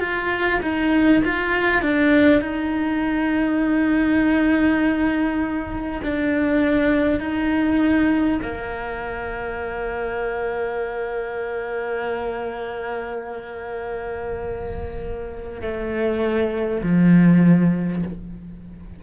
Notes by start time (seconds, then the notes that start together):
0.00 F4
0.63 D#4
1.24 F4
1.82 D4
2.42 D#4
6.03 D4
7.20 D#4
8.42 A#3
15.62 A3
16.83 F3